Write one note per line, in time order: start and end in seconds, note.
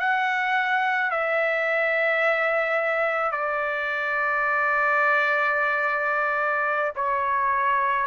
0.00 1.11 F#5
1.11 3.32 E5
3.32 6.93 D5
6.95 8.07 C#5